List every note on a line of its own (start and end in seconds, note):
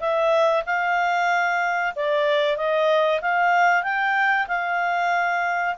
0.00 0.64 E5
0.66 1.94 F5
1.96 2.57 D5
2.57 3.21 D#5
3.21 3.83 F5
3.83 4.47 G5
4.48 5.75 F5